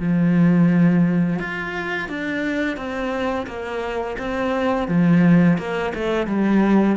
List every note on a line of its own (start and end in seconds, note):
0.00 1.40 F3
1.40 2.09 F4
2.09 2.77 D4
2.77 3.47 C4
3.47 4.17 A#3
4.19 4.88 C4
4.88 5.58 F3
5.58 5.93 A#3
5.95 6.27 A3
6.27 6.97 G3